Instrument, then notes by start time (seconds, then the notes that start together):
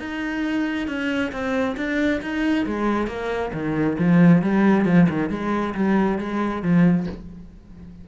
cello
0.00 D#4
0.88 C#4
1.33 C4
1.77 D4
2.22 D#4
2.67 G#3
3.08 A#3
3.54 D#3
3.99 F3
4.42 G3
4.86 F3
5.10 D#3
5.30 G#3
5.75 G3
6.19 G#3
6.63 F3